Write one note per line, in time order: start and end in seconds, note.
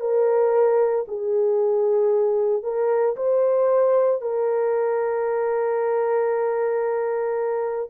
0.00 1.05 A#4
1.08 2.63 G#4
2.63 3.16 A#4
3.16 4.21 C5
4.21 7.89 A#4